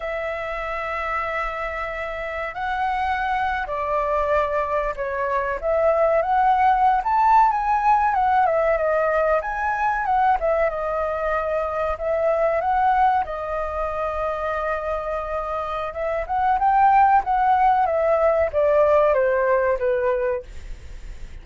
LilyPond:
\new Staff \with { instrumentName = "flute" } { \time 4/4 \tempo 4 = 94 e''1 | fis''4.~ fis''16 d''2 cis''16~ | cis''8. e''4 fis''4~ fis''16 a''8. gis''16~ | gis''8. fis''8 e''8 dis''4 gis''4 fis''16~ |
fis''16 e''8 dis''2 e''4 fis''16~ | fis''8. dis''2.~ dis''16~ | dis''4 e''8 fis''8 g''4 fis''4 | e''4 d''4 c''4 b'4 | }